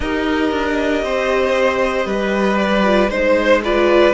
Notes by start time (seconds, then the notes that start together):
0.00 D#4 G4 A#4 D#5
0.51 D4
1.02 C4 C5
2.05 G3 B4
2.58 D5
2.83 F4
3.09 G#3 D#4 C5
3.64 F4 B4 D5